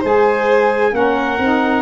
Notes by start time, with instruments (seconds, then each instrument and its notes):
0.00 tuba G#3, saxophone G#4, violin C5, trumpet G#5
0.92 tuba A#3, saxophone C#4, violin A#4, trumpet F#5
1.38 tuba C4, saxophone D#4